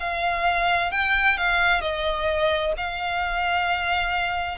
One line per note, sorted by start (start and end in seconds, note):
0.00 0.91 F5
0.91 1.37 G5
1.37 1.81 F5
1.81 2.73 D#5
2.77 4.58 F5